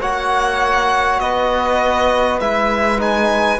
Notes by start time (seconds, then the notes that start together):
0.00 A#3 F#4 C#5 F#5
1.19 B3 B4 D#5
2.40 G#3 E4 E5
2.98 D#4 G#5